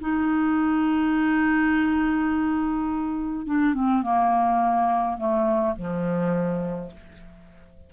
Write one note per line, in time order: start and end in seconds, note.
0.00 3.46 D#4
3.46 3.74 D4
3.74 4.02 C4
4.02 5.17 A#3
5.17 5.75 A3
5.76 6.91 F3